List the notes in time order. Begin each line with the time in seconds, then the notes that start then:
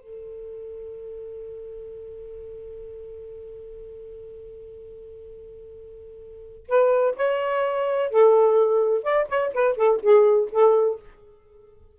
0.00 A4
6.68 B4
7.16 C#5
8.10 A4
9.03 D5
9.29 C#5
9.53 B4
9.77 A4
10.02 G#4
10.52 A4